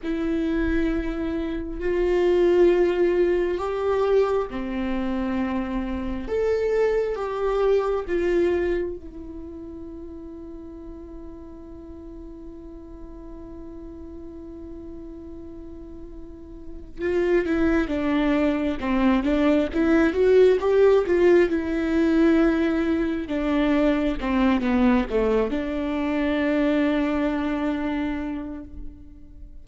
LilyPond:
\new Staff \with { instrumentName = "viola" } { \time 4/4 \tempo 4 = 67 e'2 f'2 | g'4 c'2 a'4 | g'4 f'4 e'2~ | e'1~ |
e'2. f'8 e'8 | d'4 c'8 d'8 e'8 fis'8 g'8 f'8 | e'2 d'4 c'8 b8 | a8 d'2.~ d'8 | }